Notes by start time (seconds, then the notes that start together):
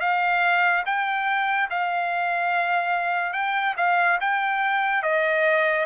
0.00 F5
0.86 G5
1.70 F5
3.33 G5
3.77 F5
4.21 G5
5.03 D#5